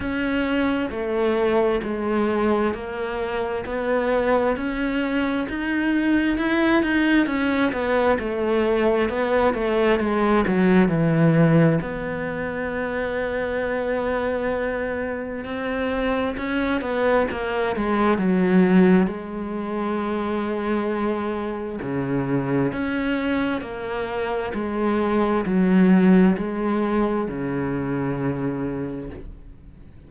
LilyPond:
\new Staff \with { instrumentName = "cello" } { \time 4/4 \tempo 4 = 66 cis'4 a4 gis4 ais4 | b4 cis'4 dis'4 e'8 dis'8 | cis'8 b8 a4 b8 a8 gis8 fis8 | e4 b2.~ |
b4 c'4 cis'8 b8 ais8 gis8 | fis4 gis2. | cis4 cis'4 ais4 gis4 | fis4 gis4 cis2 | }